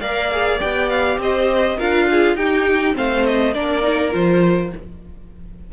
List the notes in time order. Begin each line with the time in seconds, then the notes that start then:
0.00 A#3 A#4 D5 F5
0.31 G#4
0.59 B3 G4 G5
0.89 F5
1.17 C4 C5 D#5
1.77 D4 F4 A#4 F5
2.11 G#4
2.34 D#4 G4 G5
2.93 A3 C4 C5 F5
3.26 D#5
3.53 A#3 D4 A#4 D5
3.82 D#4
4.11 F3 F4 C5